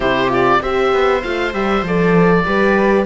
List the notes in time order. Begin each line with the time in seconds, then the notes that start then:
0.00 C3 E4 G4 C5
0.29 F4 D5
0.61 C4 G4 C5 E5
0.92 B3
1.22 A3 F4 F5
1.52 G3 G4 E5
1.82 F3 A4 D5
2.45 G3 G4 B4